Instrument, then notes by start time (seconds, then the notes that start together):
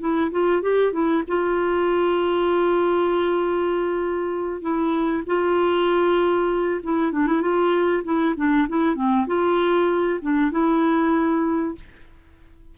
clarinet
0.00 E4
0.31 F4
0.62 G4
0.93 E4
1.28 F4
4.61 E4
5.26 F4
6.83 E4
7.12 D4
7.27 E4
7.41 F4
8.04 E4
8.36 D4
8.69 E4
8.96 C4
9.27 F4
10.22 D4
10.51 E4